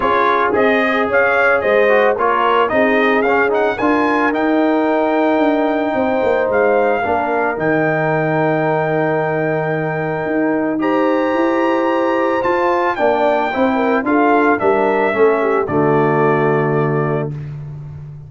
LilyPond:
<<
  \new Staff \with { instrumentName = "trumpet" } { \time 4/4 \tempo 4 = 111 cis''4 dis''4 f''4 dis''4 | cis''4 dis''4 f''8 fis''8 gis''4 | g''1 | f''2 g''2~ |
g''1 | ais''2. a''4 | g''2 f''4 e''4~ | e''4 d''2. | }
  \new Staff \with { instrumentName = "horn" } { \time 4/4 gis'2 cis''4 c''4 | ais'4 gis'2 ais'4~ | ais'2. c''4~ | c''4 ais'2.~ |
ais'1 | c''1 | d''4 c''8 ais'8 a'4 ais'4 | a'8 g'8 fis'2. | }
  \new Staff \with { instrumentName = "trombone" } { \time 4/4 f'4 gis'2~ gis'8 fis'8 | f'4 dis'4 cis'8 dis'8 f'4 | dis'1~ | dis'4 d'4 dis'2~ |
dis'1 | g'2. f'4 | d'4 e'4 f'4 d'4 | cis'4 a2. | }
  \new Staff \with { instrumentName = "tuba" } { \time 4/4 cis'4 c'4 cis'4 gis4 | ais4 c'4 cis'4 d'4 | dis'2 d'4 c'8 ais8 | gis4 ais4 dis2~ |
dis2. dis'4~ | dis'4 e'2 f'4 | ais4 c'4 d'4 g4 | a4 d2. | }
>>